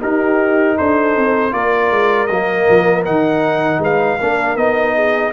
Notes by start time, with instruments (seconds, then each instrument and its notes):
0.00 trombone D#4, tuba D#4, horn G4, trumpet A#4
0.77 tuba D4, horn A4, trumpet C5
1.16 tuba C4
1.51 tuba A#3, trombone F4, horn A#4, trumpet D5
1.91 tuba G#3
2.27 tuba F#3, trombone A#3, trumpet D#5
2.68 tuba F3
3.05 tuba D#3, trombone D#4, trumpet F#5
3.78 tuba G#3, horn B4, trumpet F5
4.20 tuba A#3, trombone D4, horn A#4
4.55 tuba B3, trombone D#4, trumpet D#5
4.95 horn G#4